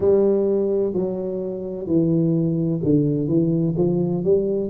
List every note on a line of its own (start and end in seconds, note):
0.00 0.93 G3
0.93 1.86 F#3
1.86 2.80 E3
2.83 3.28 D3
3.28 3.75 E3
3.77 4.24 F3
4.24 4.70 G3